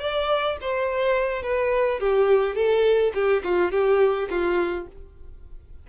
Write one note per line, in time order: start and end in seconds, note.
0.00 0.57 D5
0.61 1.43 C5
1.43 2.00 B4
2.00 2.55 G4
2.55 3.12 A4
3.14 3.43 G4
3.44 3.71 F4
3.71 4.29 G4
4.30 4.87 F4